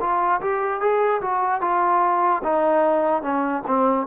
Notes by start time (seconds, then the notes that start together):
0.00 F4
0.41 G4
0.80 G#4
1.22 F#4
1.61 F4
2.43 D#4
3.22 C#4
3.67 C4